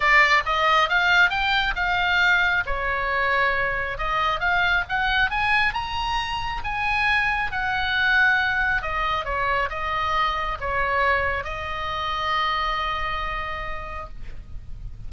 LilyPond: \new Staff \with { instrumentName = "oboe" } { \time 4/4 \tempo 4 = 136 d''4 dis''4 f''4 g''4 | f''2 cis''2~ | cis''4 dis''4 f''4 fis''4 | gis''4 ais''2 gis''4~ |
gis''4 fis''2. | dis''4 cis''4 dis''2 | cis''2 dis''2~ | dis''1 | }